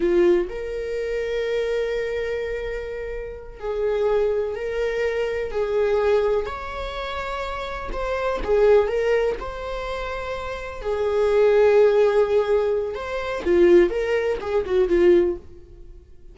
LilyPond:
\new Staff \with { instrumentName = "viola" } { \time 4/4 \tempo 4 = 125 f'4 ais'2.~ | ais'2.~ ais'8 gis'8~ | gis'4. ais'2 gis'8~ | gis'4. cis''2~ cis''8~ |
cis''8 c''4 gis'4 ais'4 c''8~ | c''2~ c''8 gis'4.~ | gis'2. c''4 | f'4 ais'4 gis'8 fis'8 f'4 | }